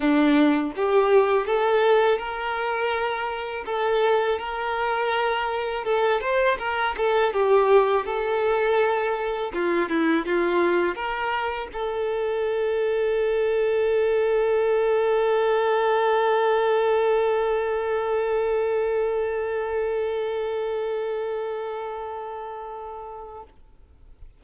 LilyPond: \new Staff \with { instrumentName = "violin" } { \time 4/4 \tempo 4 = 82 d'4 g'4 a'4 ais'4~ | ais'4 a'4 ais'2 | a'8 c''8 ais'8 a'8 g'4 a'4~ | a'4 f'8 e'8 f'4 ais'4 |
a'1~ | a'1~ | a'1~ | a'1 | }